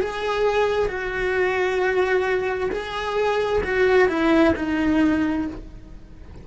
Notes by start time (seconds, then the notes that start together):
0.00 G#4
0.88 F#4
2.71 G#4
3.64 F#4
4.08 E4
4.56 D#4